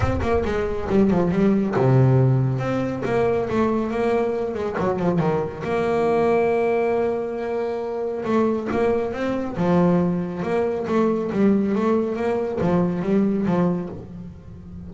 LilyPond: \new Staff \with { instrumentName = "double bass" } { \time 4/4 \tempo 4 = 138 c'8 ais8 gis4 g8 f8 g4 | c2 c'4 ais4 | a4 ais4. gis8 fis8 f8 | dis4 ais2.~ |
ais2. a4 | ais4 c'4 f2 | ais4 a4 g4 a4 | ais4 f4 g4 f4 | }